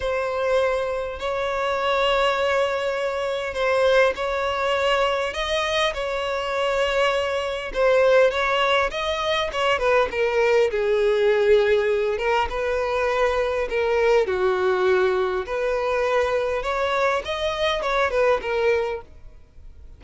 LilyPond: \new Staff \with { instrumentName = "violin" } { \time 4/4 \tempo 4 = 101 c''2 cis''2~ | cis''2 c''4 cis''4~ | cis''4 dis''4 cis''2~ | cis''4 c''4 cis''4 dis''4 |
cis''8 b'8 ais'4 gis'2~ | gis'8 ais'8 b'2 ais'4 | fis'2 b'2 | cis''4 dis''4 cis''8 b'8 ais'4 | }